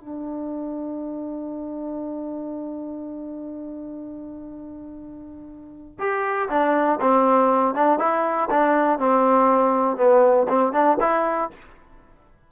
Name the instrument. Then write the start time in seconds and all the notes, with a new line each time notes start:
trombone
0.00 D4
5.99 G4
6.49 D4
7.00 C4
7.74 D4
7.99 E4
8.50 D4
8.99 C4
9.97 B3
10.48 C4
10.72 D4
11.00 E4